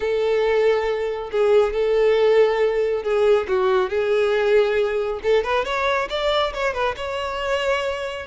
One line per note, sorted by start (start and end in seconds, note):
0.00 1.30 A4
1.31 1.73 G#4
1.73 3.03 A4
3.03 3.46 G#4
3.47 3.89 F#4
3.89 5.20 G#4
5.22 5.43 A4
5.43 5.64 B4
5.64 6.08 C#5
6.09 6.53 D5
6.53 6.73 C#5
6.73 6.95 B4
6.96 8.26 C#5